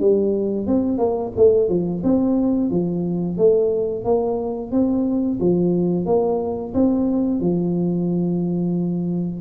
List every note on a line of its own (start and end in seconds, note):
0.00 0.67 G3
0.67 0.98 C4
0.98 1.32 A#3
1.36 1.69 A3
1.69 2.02 F3
2.04 2.71 C4
2.71 3.37 F3
3.37 4.04 A3
4.04 4.72 A#3
4.72 5.39 C4
5.40 6.06 F3
6.06 6.73 A#3
6.74 7.40 C4
7.40 9.40 F3